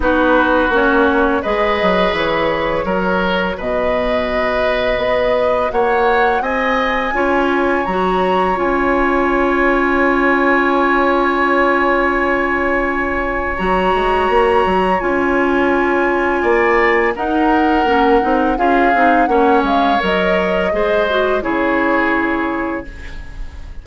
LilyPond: <<
  \new Staff \with { instrumentName = "flute" } { \time 4/4 \tempo 4 = 84 b'4 cis''4 dis''4 cis''4~ | cis''4 dis''2. | fis''4 gis''2 ais''4 | gis''1~ |
gis''2. ais''4~ | ais''4 gis''2. | fis''2 f''4 fis''8 f''8 | dis''2 cis''2 | }
  \new Staff \with { instrumentName = "oboe" } { \time 4/4 fis'2 b'2 | ais'4 b'2. | cis''4 dis''4 cis''2~ | cis''1~ |
cis''1~ | cis''2. d''4 | ais'2 gis'4 cis''4~ | cis''4 c''4 gis'2 | }
  \new Staff \with { instrumentName = "clarinet" } { \time 4/4 dis'4 cis'4 gis'2 | fis'1~ | fis'2 f'4 fis'4 | f'1~ |
f'2. fis'4~ | fis'4 f'2. | dis'4 cis'8 dis'8 f'8 dis'8 cis'4 | ais'4 gis'8 fis'8 e'2 | }
  \new Staff \with { instrumentName = "bassoon" } { \time 4/4 b4 ais4 gis8 fis8 e4 | fis4 b,2 b4 | ais4 c'4 cis'4 fis4 | cis'1~ |
cis'2. fis8 gis8 | ais8 fis8 cis'2 ais4 | dis'4 ais8 c'8 cis'8 c'8 ais8 gis8 | fis4 gis4 cis2 | }
>>